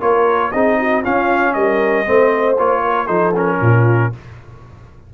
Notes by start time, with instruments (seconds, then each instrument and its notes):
0.00 tuba A#3, trombone F4, horn A#4, trumpet C#5
0.51 tuba C4, trombone D#4, horn G#4, trumpet D#5
0.79 horn F#4
1.02 trombone C#4, tuba C#4, horn F4, trumpet F5
1.53 tuba G3, horn A#4, trumpet D#5
2.05 tuba A3, trombone C4, horn C5
2.58 tuba A#3, trombone F4, trumpet C#5
2.84 horn A#4
3.07 tuba F3, trombone D#4, horn A4, trumpet C5
3.35 trombone C#4, trumpet A#4
3.61 tuba A#2, horn F4